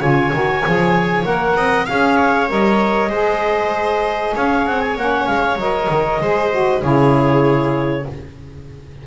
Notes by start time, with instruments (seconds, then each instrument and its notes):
0.00 double bass C#3, saxophone F4, viola C#5, clarinet G#5
0.32 double bass D#3, saxophone F#4
0.66 double bass F3, saxophone G#4
1.24 double bass A#3, saxophone A#4, clarinet F#5
1.56 double bass C4, viola D#5
1.86 double bass C#4, saxophone G#4, viola F5, clarinet F5
2.17 viola C#5
2.48 double bass G3, saxophone A#4, clarinet D#5
3.09 double bass G#3, saxophone G#4, viola C5
4.36 double bass C#4, viola C#5, clarinet F5
4.66 double bass C4, clarinet F#5
4.81 clarinet G#5
4.96 double bass A#3, saxophone C#4, clarinet F#5
5.27 double bass G#3, clarinet F5
5.56 double bass F#3, saxophone A#4, clarinet D#5
5.89 double bass D#3
6.20 double bass G#3, saxophone G#4, viola C5
6.52 saxophone F#4
6.81 double bass C#3, saxophone E4, viola G#4, clarinet C#5